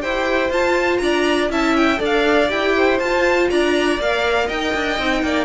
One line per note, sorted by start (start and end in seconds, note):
0.00 0.51 E4
0.00 0.50 G4
0.00 1.02 C5
0.00 0.51 G5
0.51 1.00 F4
0.51 1.51 F4
0.51 0.98 A5
0.98 1.50 D4
0.98 1.52 D5
0.98 1.48 A#5
1.51 2.00 C#4
1.51 1.98 E4
1.51 2.00 E5
1.51 1.77 A5
1.77 2.02 G5
1.98 2.50 D4
1.98 2.47 A4
1.98 2.74 D5
2.06 2.51 F5
2.49 3.00 E4
2.49 2.99 G4
2.49 3.00 G5
2.77 3.51 C5
3.00 3.49 F4
3.00 4.01 F4
3.00 3.49 A5
3.50 4.00 D4
3.50 4.47 D5
3.50 4.00 A#5
4.00 4.49 A#3
4.00 4.99 A#4
4.00 4.49 F5
4.47 4.74 D#4
4.47 5.21 D#5
4.47 5.45 G5
4.75 4.99 D4
4.99 5.23 C4
4.99 5.45 D#4
5.23 5.45 A#3
5.23 5.45 D5